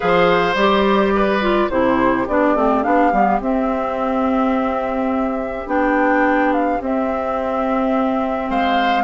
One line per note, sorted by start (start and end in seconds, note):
0.00 0.54 F3
0.00 0.53 G#4
0.00 1.13 C5
0.00 0.56 F5
0.54 1.67 G3
0.54 1.41 G4
0.54 1.70 D5
1.15 1.71 B4
1.41 1.69 F4
1.70 2.26 C3
1.70 2.27 E4
1.70 8.49 G4
1.70 2.26 C5
2.27 2.55 B3
2.27 2.55 D4
2.27 2.83 D5
2.55 2.83 A3
2.55 2.83 C4
2.83 3.12 B3
2.83 3.11 D4
2.83 3.39 F5
3.12 3.40 G3
3.12 3.41 B3
3.40 5.66 C4
3.40 5.68 E5
5.66 6.79 B3
5.66 6.79 D4
5.66 6.52 G5
6.52 6.81 F5
6.81 8.50 C4
6.81 9.03 C4
6.81 8.50 E5
8.49 9.03 G#3
8.49 9.03 C5
8.49 9.03 F5